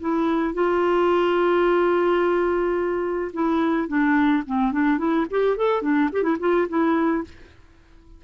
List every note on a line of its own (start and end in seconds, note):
0.00 0.54 E4
0.54 3.32 F4
3.33 3.88 E4
3.88 4.43 D4
4.46 4.72 C4
4.72 4.98 D4
4.98 5.26 E4
5.31 5.57 G4
5.57 5.82 A4
5.82 6.10 D4
6.12 6.23 G4
6.23 6.37 E4
6.40 6.68 F4
6.68 7.24 E4